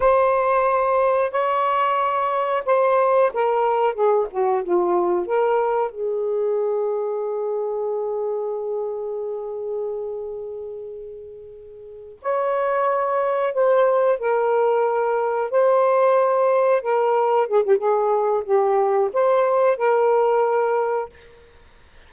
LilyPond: \new Staff \with { instrumentName = "saxophone" } { \time 4/4 \tempo 4 = 91 c''2 cis''2 | c''4 ais'4 gis'8 fis'8 f'4 | ais'4 gis'2.~ | gis'1~ |
gis'2~ gis'8 cis''4.~ | cis''8 c''4 ais'2 c''8~ | c''4. ais'4 gis'16 g'16 gis'4 | g'4 c''4 ais'2 | }